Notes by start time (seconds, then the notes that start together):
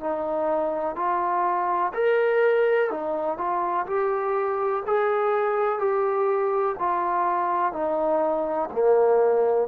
0.00 D#4
0.95 F4
1.94 A#4
2.90 D#4
3.38 F4
3.87 G4
4.87 G#4
5.79 G4
6.79 F4
7.72 D#4
8.72 A#3